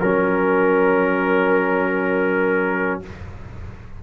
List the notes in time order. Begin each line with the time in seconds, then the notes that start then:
0.00 F#3 C#4 A#4